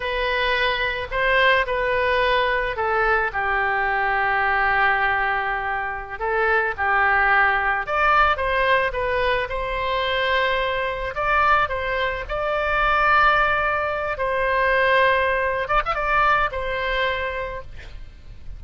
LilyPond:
\new Staff \with { instrumentName = "oboe" } { \time 4/4 \tempo 4 = 109 b'2 c''4 b'4~ | b'4 a'4 g'2~ | g'2.~ g'16 a'8.~ | a'16 g'2 d''4 c''8.~ |
c''16 b'4 c''2~ c''8.~ | c''16 d''4 c''4 d''4.~ d''16~ | d''4.~ d''16 c''2~ c''16~ | c''8 d''16 e''16 d''4 c''2 | }